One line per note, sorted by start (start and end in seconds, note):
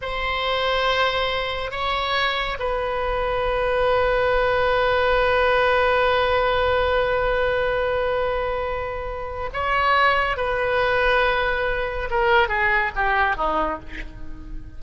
0.01 1.71 C5
1.71 2.57 C#5
2.59 9.50 B4
9.53 10.36 C#5
10.36 12.09 B4
12.10 12.48 A#4
12.48 12.91 G#4
12.95 13.36 G4
13.36 13.79 D#4